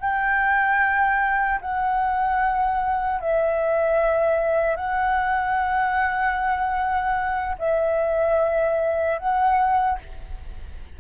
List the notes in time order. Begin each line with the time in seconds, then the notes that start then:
0.00 G5
1.61 F#5
3.20 E5
4.76 F#5
7.59 E5
9.18 F#5